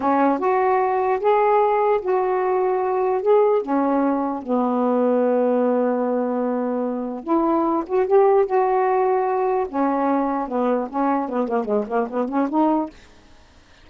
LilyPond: \new Staff \with { instrumentName = "saxophone" } { \time 4/4 \tempo 4 = 149 cis'4 fis'2 gis'4~ | gis'4 fis'2. | gis'4 cis'2 b4~ | b1~ |
b2 e'4. fis'8 | g'4 fis'2. | cis'2 b4 cis'4 | b8 ais8 gis8 ais8 b8 cis'8 dis'4 | }